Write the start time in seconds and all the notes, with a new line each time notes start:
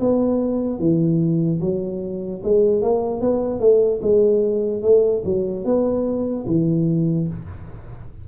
0.00 B3
0.79 E3
1.61 F#3
2.44 G#3
2.82 A#3
3.21 B3
3.60 A3
4.02 G#3
4.82 A3
5.25 F#3
5.65 B3
6.47 E3